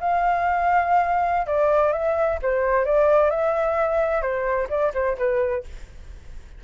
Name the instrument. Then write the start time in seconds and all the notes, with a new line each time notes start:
flute
0.00 F5
1.46 D5
1.93 E5
2.42 C5
2.85 D5
3.30 E5
4.22 C5
4.69 D5
4.94 C5
5.18 B4